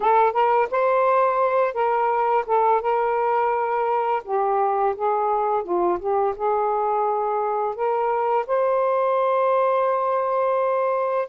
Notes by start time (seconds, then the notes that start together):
0.00 A4
0.32 A#4
0.71 C5
1.74 A#4
2.46 A4
2.81 A#4
4.24 G4
4.96 G#4
5.63 F4
5.99 G4
6.36 G#4
7.75 A#4
8.46 C5